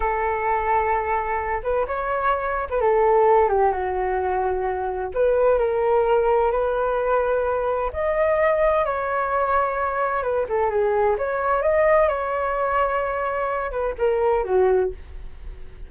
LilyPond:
\new Staff \with { instrumentName = "flute" } { \time 4/4 \tempo 4 = 129 a'2.~ a'8 b'8 | cis''4.~ cis''16 b'16 a'4. g'8 | fis'2. b'4 | ais'2 b'2~ |
b'4 dis''2 cis''4~ | cis''2 b'8 a'8 gis'4 | cis''4 dis''4 cis''2~ | cis''4. b'8 ais'4 fis'4 | }